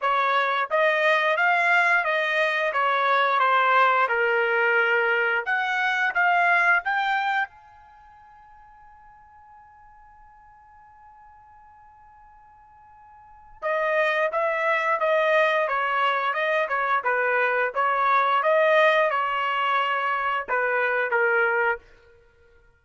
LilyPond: \new Staff \with { instrumentName = "trumpet" } { \time 4/4 \tempo 4 = 88 cis''4 dis''4 f''4 dis''4 | cis''4 c''4 ais'2 | fis''4 f''4 g''4 gis''4~ | gis''1~ |
gis''1 | dis''4 e''4 dis''4 cis''4 | dis''8 cis''8 b'4 cis''4 dis''4 | cis''2 b'4 ais'4 | }